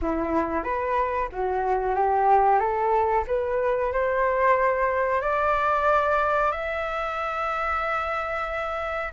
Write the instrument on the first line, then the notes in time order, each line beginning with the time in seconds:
flute
0.01 E4
0.63 B4
1.32 F#4
1.95 G4
2.59 A4
3.27 B4
3.92 C5
5.21 D5
6.51 E5